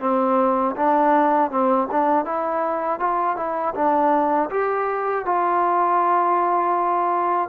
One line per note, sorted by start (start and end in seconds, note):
0.00 0.75 C4
0.76 1.50 D4
1.50 1.88 C4
1.91 2.25 D4
2.25 2.99 E4
2.99 3.36 F4
3.36 3.74 E4
3.74 4.49 D4
4.50 5.25 G4
5.25 7.49 F4